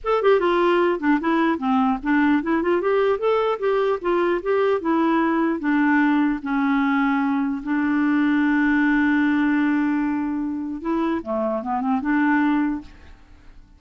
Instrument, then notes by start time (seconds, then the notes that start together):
clarinet
0.04 A4
0.22 G4
0.40 F4
0.99 D4
1.20 E4
1.58 C4
2.03 D4
2.43 E4
2.62 F4
2.81 G4
3.18 A4
3.59 G4
4.01 F4
4.42 G4
4.81 E4
5.59 D4
6.42 C#4
7.63 D4
10.81 E4
11.22 A3
11.62 B3
11.80 C4
12.01 D4